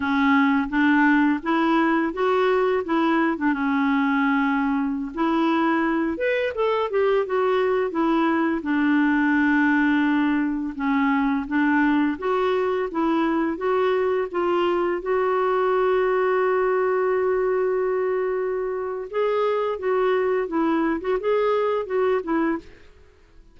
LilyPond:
\new Staff \with { instrumentName = "clarinet" } { \time 4/4 \tempo 4 = 85 cis'4 d'4 e'4 fis'4 | e'8. d'16 cis'2~ cis'16 e'8.~ | e'8. b'8 a'8 g'8 fis'4 e'8.~ | e'16 d'2. cis'8.~ |
cis'16 d'4 fis'4 e'4 fis'8.~ | fis'16 f'4 fis'2~ fis'8.~ | fis'2. gis'4 | fis'4 e'8. fis'16 gis'4 fis'8 e'8 | }